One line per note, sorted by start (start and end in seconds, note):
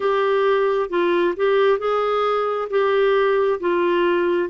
0.00 0.89 G4
0.90 1.34 F4
1.36 1.78 G4
1.78 2.68 G#4
2.69 3.59 G4
3.59 4.49 F4